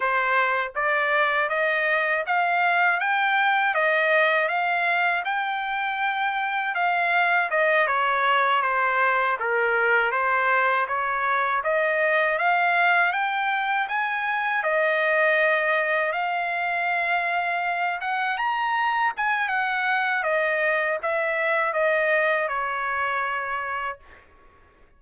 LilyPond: \new Staff \with { instrumentName = "trumpet" } { \time 4/4 \tempo 4 = 80 c''4 d''4 dis''4 f''4 | g''4 dis''4 f''4 g''4~ | g''4 f''4 dis''8 cis''4 c''8~ | c''8 ais'4 c''4 cis''4 dis''8~ |
dis''8 f''4 g''4 gis''4 dis''8~ | dis''4. f''2~ f''8 | fis''8 ais''4 gis''8 fis''4 dis''4 | e''4 dis''4 cis''2 | }